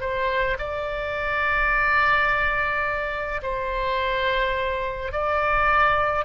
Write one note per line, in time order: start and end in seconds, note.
0.00 0.57 C5
0.58 3.41 D5
3.42 5.11 C5
5.11 6.24 D5